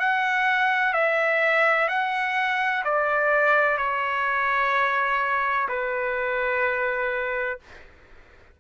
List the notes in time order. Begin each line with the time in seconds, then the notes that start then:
0.00 F#5
0.94 E5
1.89 F#5
2.84 D5
3.78 C#5
5.69 B4